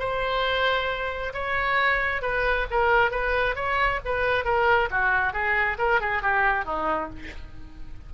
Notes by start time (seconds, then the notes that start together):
0.00 C5
1.34 C#5
2.22 B4
2.71 A#4
3.12 B4
3.56 C#5
4.05 B4
4.45 A#4
4.91 F#4
5.33 G#4
5.79 A#4
6.01 G#4
6.23 G4
6.66 D#4